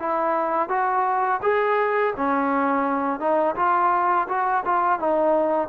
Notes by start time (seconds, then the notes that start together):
0.00 E4
0.69 F#4
1.43 G#4
2.17 C#4
3.20 D#4
3.56 F4
4.29 F#4
4.65 F4
5.00 D#4